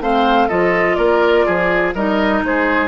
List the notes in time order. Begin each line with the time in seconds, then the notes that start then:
0.00 A3 C4 C5 F5
0.48 F3 F4 A4 D#5
0.95 A#3 A#4 D5
1.46 F3 G#4
1.95 G3 D#4 A#4 D#5
2.43 G#3 G#4 C5